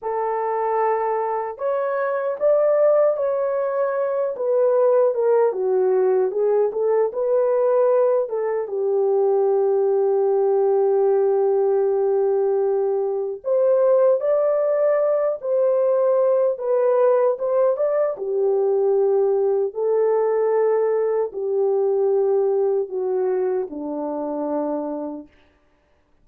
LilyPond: \new Staff \with { instrumentName = "horn" } { \time 4/4 \tempo 4 = 76 a'2 cis''4 d''4 | cis''4. b'4 ais'8 fis'4 | gis'8 a'8 b'4. a'8 g'4~ | g'1~ |
g'4 c''4 d''4. c''8~ | c''4 b'4 c''8 d''8 g'4~ | g'4 a'2 g'4~ | g'4 fis'4 d'2 | }